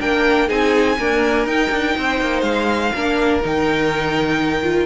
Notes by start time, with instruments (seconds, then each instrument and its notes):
0.00 cello A#3, viola D4, violin A#4 G5
0.48 cello C4, viola D#4, violin G#4 G#5
0.99 viola A#3, cello D4, violin A#4
1.46 cello D#4, viola D#4, violin G5
1.70 cello D4
1.98 cello C4, violin C5
2.21 cello A#3
2.41 cello G#3, violin F5
2.95 cello A#3, viola D4, violin A#4
3.43 cello D#3, viola D#4, violin G5
4.63 viola F4